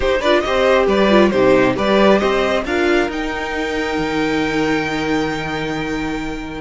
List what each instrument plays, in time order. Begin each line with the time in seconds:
0.00 cello D#4, viola D#4, violin G4 C5
0.19 cello D4, viola F4, violin B4 D5
0.40 cello C4, viola G4, violin D#5
0.46 violin C5
0.86 cello G3, violin B4 D5
1.09 viola F4
1.29 cello C3, viola D#4, violin G4 C5
1.75 cello G3, viola G4, violin B4 D5
2.18 cello C4, violin C5 D#5
2.64 cello D4, viola F4, violin A#4 F5
3.08 cello D#4, viola D#4, violin G5
3.98 cello D#3